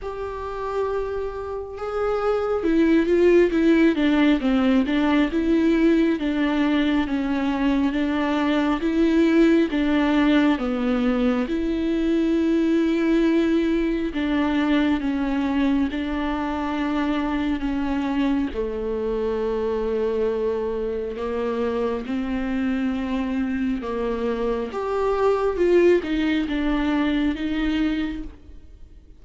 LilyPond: \new Staff \with { instrumentName = "viola" } { \time 4/4 \tempo 4 = 68 g'2 gis'4 e'8 f'8 | e'8 d'8 c'8 d'8 e'4 d'4 | cis'4 d'4 e'4 d'4 | b4 e'2. |
d'4 cis'4 d'2 | cis'4 a2. | ais4 c'2 ais4 | g'4 f'8 dis'8 d'4 dis'4 | }